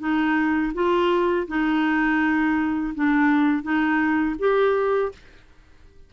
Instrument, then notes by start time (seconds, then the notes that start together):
clarinet
0.00 D#4
0.74 F4
1.48 D#4
2.95 D4
3.63 D#4
4.39 G4